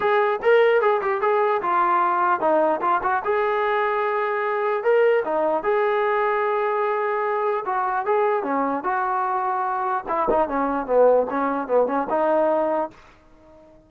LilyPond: \new Staff \with { instrumentName = "trombone" } { \time 4/4 \tempo 4 = 149 gis'4 ais'4 gis'8 g'8 gis'4 | f'2 dis'4 f'8 fis'8 | gis'1 | ais'4 dis'4 gis'2~ |
gis'2. fis'4 | gis'4 cis'4 fis'2~ | fis'4 e'8 dis'8 cis'4 b4 | cis'4 b8 cis'8 dis'2 | }